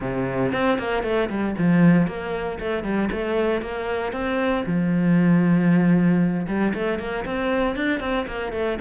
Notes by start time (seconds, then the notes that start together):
0.00 C3
0.52 C4
0.78 A#3
1.03 A3
1.29 G3
1.58 F3
2.07 A#3
2.59 A3
2.83 G3
3.11 A3
3.61 A#3
4.12 C4
4.66 F3
6.47 G3
6.74 A3
6.99 A#3
7.25 C4
7.76 D4
8.00 C4
8.27 A#3
8.52 A3